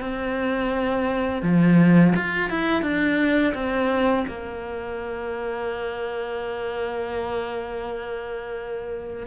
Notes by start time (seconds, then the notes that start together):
0.00 C4
1.42 F3
2.16 F4
2.50 E4
2.82 D4
3.54 C4
4.27 A#3